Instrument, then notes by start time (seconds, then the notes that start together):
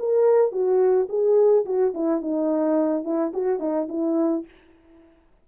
horn
0.00 A#4
0.52 F#4
1.10 G#4
1.66 F#4
1.95 E4
2.22 D#4
3.05 E4
3.34 F#4
3.60 D#4
3.89 E4